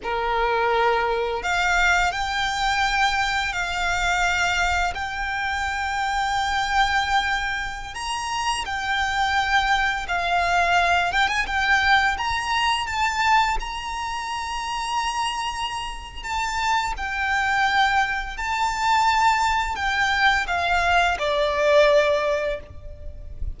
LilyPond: \new Staff \with { instrumentName = "violin" } { \time 4/4 \tempo 4 = 85 ais'2 f''4 g''4~ | g''4 f''2 g''4~ | g''2.~ g''16 ais''8.~ | ais''16 g''2 f''4. g''16 |
gis''16 g''4 ais''4 a''4 ais''8.~ | ais''2. a''4 | g''2 a''2 | g''4 f''4 d''2 | }